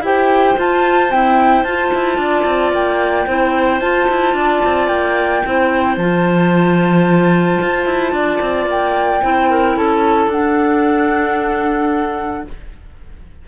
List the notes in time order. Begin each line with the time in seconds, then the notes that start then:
0.00 E4 G4 C5 G5
0.57 F4 A5
1.09 C4 E4 G5
1.63 F4 A5
1.94 E4
2.17 D4 D5
2.44 C4
2.72 A#3 G5
3.26 C4 E4 C5
3.81 F4 A5
4.09 E4
4.33 D4 D5
4.65 C4
4.87 A#3 G5
5.44 C4 E4 C5
5.97 F3 F4 A5
7.61 F4
7.85 E4
8.12 D4 D5
8.41 C4
8.66 A#3 G5
9.22 C4 E4 C5
9.50 A#4
9.76 C#4 A4 A5
10.27 D4 F#5